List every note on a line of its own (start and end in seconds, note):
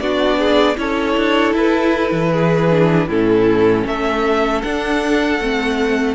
0.00 0.77 B3
0.00 0.76 D4
0.00 0.39 F#4
0.00 0.77 D5
0.39 0.77 G#4
0.76 1.16 C#4
0.76 2.68 E4
0.76 2.32 A4
0.76 1.54 C#5
1.17 1.53 D4
1.53 2.11 E4
1.53 3.09 B4
2.12 3.08 E3
2.32 3.08 G#4
2.71 3.10 D4
3.08 3.86 A2
3.08 4.64 C#4
3.08 3.85 E4
3.08 3.88 A4
3.87 4.63 A3
3.87 6.15 A4
3.87 4.62 E5
4.62 5.41 D4
4.62 6.15 F#5
5.41 6.15 A3
5.41 6.15 C4